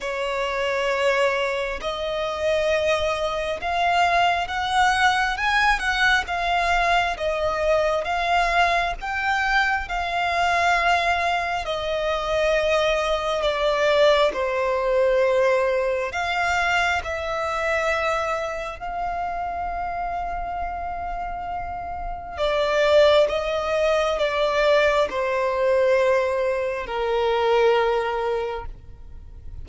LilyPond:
\new Staff \with { instrumentName = "violin" } { \time 4/4 \tempo 4 = 67 cis''2 dis''2 | f''4 fis''4 gis''8 fis''8 f''4 | dis''4 f''4 g''4 f''4~ | f''4 dis''2 d''4 |
c''2 f''4 e''4~ | e''4 f''2.~ | f''4 d''4 dis''4 d''4 | c''2 ais'2 | }